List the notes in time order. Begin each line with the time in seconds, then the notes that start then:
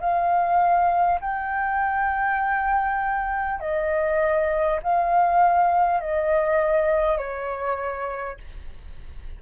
0.00 F5
1.21 G5
3.59 D#5
4.82 F5
6.00 D#5
7.17 C#5